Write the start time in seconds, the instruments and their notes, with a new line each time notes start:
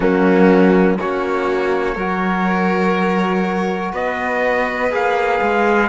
0.00 cello F#3, trombone A#3, violin C#4, trumpet F#4
0.98 cello A#3, trombone C#4, violin F#4, trumpet C#5
1.94 cello F#3, trombone F#4, violin A#4
3.92 cello B3, violin B4, trumpet D#5
4.90 cello A#3, trombone G#4, trumpet F5
5.41 cello G#3